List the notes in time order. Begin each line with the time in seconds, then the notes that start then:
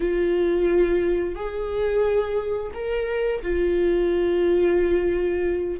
0.00 F4
1.35 G#4
2.74 A#4
3.42 F4